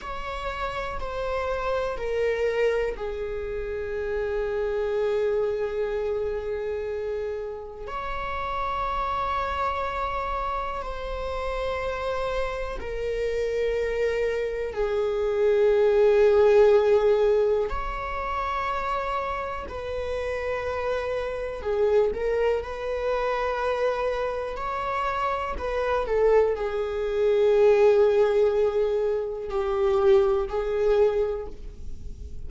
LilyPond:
\new Staff \with { instrumentName = "viola" } { \time 4/4 \tempo 4 = 61 cis''4 c''4 ais'4 gis'4~ | gis'1 | cis''2. c''4~ | c''4 ais'2 gis'4~ |
gis'2 cis''2 | b'2 gis'8 ais'8 b'4~ | b'4 cis''4 b'8 a'8 gis'4~ | gis'2 g'4 gis'4 | }